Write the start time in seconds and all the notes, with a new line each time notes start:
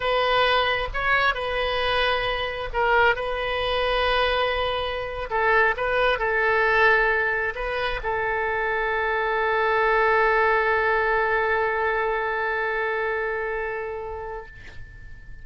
0.00 B4
0.93 C#5
1.34 B4
2.73 A#4
3.15 B4
5.30 A4
5.76 B4
6.18 A4
7.55 B4
8.03 A4